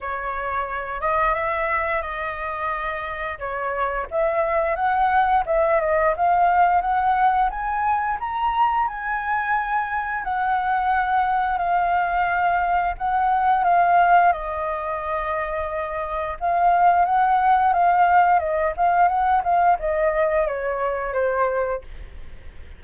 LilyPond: \new Staff \with { instrumentName = "flute" } { \time 4/4 \tempo 4 = 88 cis''4. dis''8 e''4 dis''4~ | dis''4 cis''4 e''4 fis''4 | e''8 dis''8 f''4 fis''4 gis''4 | ais''4 gis''2 fis''4~ |
fis''4 f''2 fis''4 | f''4 dis''2. | f''4 fis''4 f''4 dis''8 f''8 | fis''8 f''8 dis''4 cis''4 c''4 | }